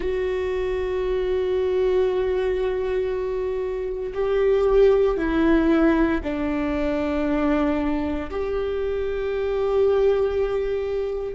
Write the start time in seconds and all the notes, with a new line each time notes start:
0.00 F#4
4.14 G4
5.17 E4
6.23 D4
8.30 G4